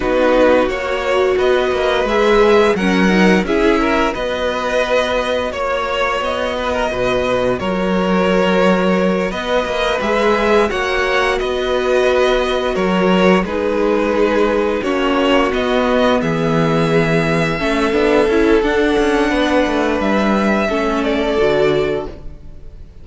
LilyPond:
<<
  \new Staff \with { instrumentName = "violin" } { \time 4/4 \tempo 4 = 87 b'4 cis''4 dis''4 e''4 | fis''4 e''4 dis''2 | cis''4 dis''2 cis''4~ | cis''4. dis''4 e''4 fis''8~ |
fis''8 dis''2 cis''4 b'8~ | b'4. cis''4 dis''4 e''8~ | e''2. fis''4~ | fis''4 e''4. d''4. | }
  \new Staff \with { instrumentName = "violin" } { \time 4/4 fis'2 b'2 | ais'4 gis'8 ais'8 b'2 | cis''4. b'16 ais'16 b'4 ais'4~ | ais'4. b'2 cis''8~ |
cis''8 b'2 ais'4 gis'8~ | gis'4. fis'2 gis'8~ | gis'4. a'2~ a'8 | b'2 a'2 | }
  \new Staff \with { instrumentName = "viola" } { \time 4/4 dis'4 fis'2 gis'4 | cis'8 dis'8 e'4 fis'2~ | fis'1~ | fis'2~ fis'8 gis'4 fis'8~ |
fis'2.~ fis'8 dis'8~ | dis'4. cis'4 b4.~ | b4. cis'8 d'8 e'8 d'4~ | d'2 cis'4 fis'4 | }
  \new Staff \with { instrumentName = "cello" } { \time 4/4 b4 ais4 b8 ais8 gis4 | fis4 cis'4 b2 | ais4 b4 b,4 fis4~ | fis4. b8 ais8 gis4 ais8~ |
ais8 b2 fis4 gis8~ | gis4. ais4 b4 e8~ | e4. a8 b8 cis'8 d'8 cis'8 | b8 a8 g4 a4 d4 | }
>>